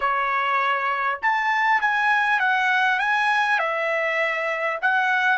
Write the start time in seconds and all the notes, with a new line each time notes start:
0.00 C#5
1.22 A5
1.81 G#5
2.39 F#5
2.99 G#5
3.58 E5
4.81 F#5